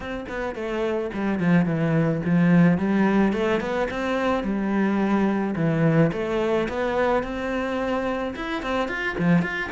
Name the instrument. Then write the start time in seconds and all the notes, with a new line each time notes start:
cello
0.00 C4
0.28 B3
0.55 A3
1.13 G3
1.39 F3
1.65 E3
2.25 F3
2.78 G3
3.32 A3
3.60 B3
3.90 C4
4.43 G3
5.55 E3
6.12 A3
6.68 B3
7.23 C4
8.35 E4
8.62 C4
8.88 F4
9.18 F3
9.42 F4